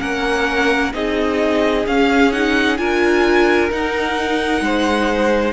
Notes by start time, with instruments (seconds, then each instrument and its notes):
0.00 cello A#3, viola C#4, violin A#4 F#5
0.93 cello C4, viola D#4, violin G#4 D#5
1.86 cello C#4, viola C#4, violin F5
2.32 viola D#4, violin F#5
2.78 cello D4, viola F4, violin A#4 G#5
3.70 viola D#4, cello D#4, violin F#5
4.61 cello G#3, violin C5